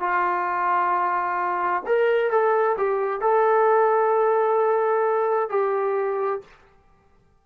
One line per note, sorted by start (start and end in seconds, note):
0.00 1.83 F4
1.87 2.31 A#4
2.31 2.77 A4
2.78 3.22 G4
3.22 5.50 A4
5.50 6.41 G4